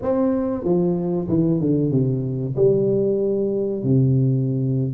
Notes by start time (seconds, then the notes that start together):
0.02 C4
0.64 F3
1.28 E3
1.60 D3
1.91 C3
2.55 G3
3.83 C3